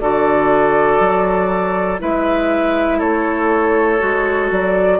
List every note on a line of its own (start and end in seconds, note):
0.00 1.00 D3
0.00 2.00 F#4
0.00 2.01 A4
0.00 2.00 D5
1.00 2.00 F#3
2.00 3.01 G#3
2.00 3.99 E4
2.00 2.99 B4
2.00 3.00 E5
2.99 4.01 A3
2.99 4.99 A4
2.99 4.50 C#5
3.99 4.52 G#3
3.99 4.99 F#4
4.52 5.00 F#3
4.52 5.00 D5